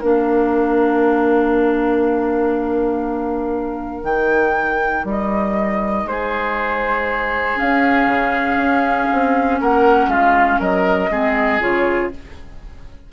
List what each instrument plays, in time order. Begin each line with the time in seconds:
0.00 bassoon A#3, clarinet D4, oboe A#4, flute F5
4.04 bassoon D#3, clarinet D#4, flute G5
5.05 bassoon G3
5.11 flute D#5
6.05 bassoon G#3, oboe G#4, flute C5
7.56 clarinet C#4, bassoon C#4, flute F5
8.07 bassoon C#3
8.57 bassoon C#4
9.13 bassoon C4
9.61 bassoon A#3, oboe A#4, flute F#5
10.08 bassoon G#3, oboe F4, flute F5
10.60 bassoon F#3, oboe A#4, flute D#5
11.10 bassoon G#3, clarinet C4, oboe G#4
11.61 bassoon C#3, clarinet F4, flute C#5